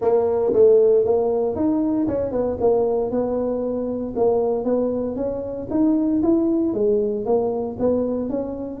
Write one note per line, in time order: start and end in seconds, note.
0.01 0.53 A#3
0.53 1.04 A3
1.04 1.55 A#3
1.55 2.07 D#4
2.07 2.31 C#4
2.31 2.57 B3
2.60 3.10 A#3
3.10 4.14 B3
4.16 4.64 A#3
4.64 5.16 B3
5.16 5.67 C#4
5.70 6.22 D#4
6.22 6.73 E4
6.73 7.25 G#3
7.25 7.76 A#3
7.79 8.29 B3
8.29 8.80 C#4